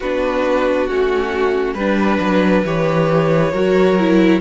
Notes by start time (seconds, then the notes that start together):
0.00 B3 D4 F#4 B4
0.87 A3 C#4 F#4
1.74 G3 D4 B4
1.80 B4
2.20 F#3
2.64 E3 G4 C#5
3.52 F#3 F#4 A#4
3.99 E4